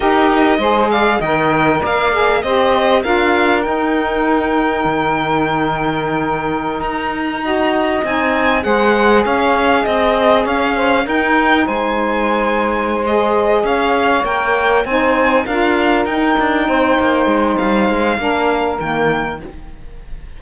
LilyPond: <<
  \new Staff \with { instrumentName = "violin" } { \time 4/4 \tempo 4 = 99 dis''4. f''8 g''4 f''4 | dis''4 f''4 g''2~ | g''2.~ g''16 ais''8.~ | ais''4~ ais''16 gis''4 fis''4 f''8.~ |
f''16 dis''4 f''4 g''4 gis''8.~ | gis''4. dis''4 f''4 g''8~ | g''8 gis''4 f''4 g''4.~ | g''4 f''2 g''4 | }
  \new Staff \with { instrumentName = "saxophone" } { \time 4/4 ais'4 c''8 d''8 dis''4 d''4 | c''4 ais'2.~ | ais'1~ | ais'16 dis''2 c''4 cis''8.~ |
cis''16 dis''4 cis''8 c''8 ais'4 c''8.~ | c''2~ c''8 cis''4.~ | cis''8 c''4 ais'2 c''8~ | c''2 ais'2 | }
  \new Staff \with { instrumentName = "saxophone" } { \time 4/4 g'4 gis'4 ais'4. gis'8 | g'4 f'4 dis'2~ | dis'1~ | dis'16 fis'4 dis'4 gis'4.~ gis'16~ |
gis'2~ gis'16 dis'4.~ dis'16~ | dis'4. gis'2 ais'8~ | ais'8 dis'4 f'4 dis'4.~ | dis'2 d'4 ais4 | }
  \new Staff \with { instrumentName = "cello" } { \time 4/4 dis'4 gis4 dis4 ais4 | c'4 d'4 dis'2 | dis2.~ dis16 dis'8.~ | dis'4~ dis'16 c'4 gis4 cis'8.~ |
cis'16 c'4 cis'4 dis'4 gis8.~ | gis2~ gis8 cis'4 ais8~ | ais8 c'4 d'4 dis'8 d'8 c'8 | ais8 gis8 g8 gis8 ais4 dis4 | }
>>